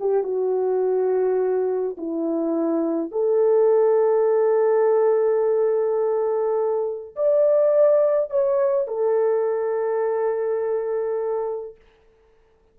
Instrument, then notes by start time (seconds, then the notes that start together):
horn
0.00 G4
0.24 F#4
1.97 E4
3.12 A4
7.16 D5
8.30 C#5
8.87 A4